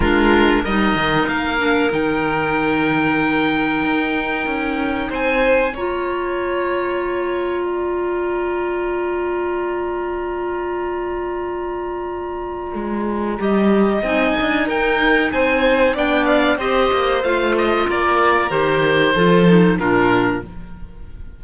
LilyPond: <<
  \new Staff \with { instrumentName = "oboe" } { \time 4/4 \tempo 4 = 94 ais'4 dis''4 f''4 g''4~ | g''1 | gis''4 ais''2.~ | ais''1~ |
ais''1~ | ais''2 gis''4 g''4 | gis''4 g''8 f''8 dis''4 f''8 dis''8 | d''4 c''2 ais'4 | }
  \new Staff \with { instrumentName = "violin" } { \time 4/4 f'4 ais'2.~ | ais'1 | c''4 cis''2. | d''1~ |
d''1~ | d''4 dis''2 ais'4 | c''4 d''4 c''2 | ais'2 a'4 f'4 | }
  \new Staff \with { instrumentName = "clarinet" } { \time 4/4 d'4 dis'4. d'8 dis'4~ | dis'1~ | dis'4 f'2.~ | f'1~ |
f'1~ | f'4 g'4 dis'2~ | dis'4 d'4 g'4 f'4~ | f'4 g'4 f'8 dis'8 d'4 | }
  \new Staff \with { instrumentName = "cello" } { \time 4/4 gis4 g8 dis8 ais4 dis4~ | dis2 dis'4 cis'4 | c'4 ais2.~ | ais1~ |
ais1 | gis4 g4 c'8 d'8 dis'4 | c'4 b4 c'8 ais8 a4 | ais4 dis4 f4 ais,4 | }
>>